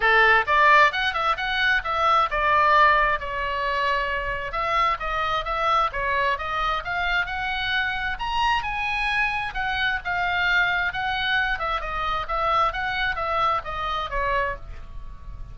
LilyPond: \new Staff \with { instrumentName = "oboe" } { \time 4/4 \tempo 4 = 132 a'4 d''4 fis''8 e''8 fis''4 | e''4 d''2 cis''4~ | cis''2 e''4 dis''4 | e''4 cis''4 dis''4 f''4 |
fis''2 ais''4 gis''4~ | gis''4 fis''4 f''2 | fis''4. e''8 dis''4 e''4 | fis''4 e''4 dis''4 cis''4 | }